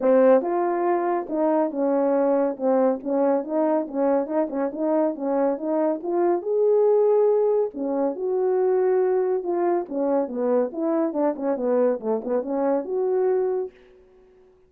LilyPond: \new Staff \with { instrumentName = "horn" } { \time 4/4 \tempo 4 = 140 c'4 f'2 dis'4 | cis'2 c'4 cis'4 | dis'4 cis'4 dis'8 cis'8 dis'4 | cis'4 dis'4 f'4 gis'4~ |
gis'2 cis'4 fis'4~ | fis'2 f'4 cis'4 | b4 e'4 d'8 cis'8 b4 | a8 b8 cis'4 fis'2 | }